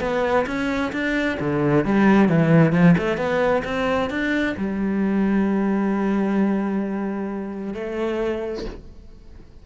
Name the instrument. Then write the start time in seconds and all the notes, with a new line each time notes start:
cello
0.00 B3
0.46 C#4
0.92 D4
1.40 D3
1.85 G3
2.28 E3
2.72 F3
2.97 A3
3.17 B3
3.64 C4
4.10 D4
4.57 G3
7.74 A3